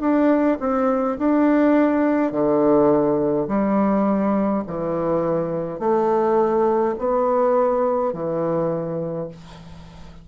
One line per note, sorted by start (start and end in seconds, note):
0.00 0.58 D4
0.60 1.17 C4
1.19 2.32 D4
2.32 3.47 D3
3.48 4.63 G3
4.67 5.80 E3
5.80 6.95 A3
6.99 8.13 B3
8.13 9.28 E3